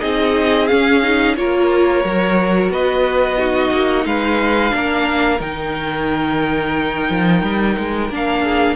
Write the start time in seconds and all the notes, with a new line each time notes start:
0.00 C4 D#4 G#4 D#5
0.67 C#4 F5
1.03 D#4
1.37 A#3 F4 A#4 C#5
2.04 F#3 F#4
2.69 B3 B4 D#5
3.37 D#4 F#4
3.72 A#3
4.05 G#3 B4 F5
4.70 A#3 D4 A#4
5.40 D#3 D#4 G5
7.10 F3
7.43 G3
7.78 G#3
8.09 A#3 D4 F5
8.42 G#4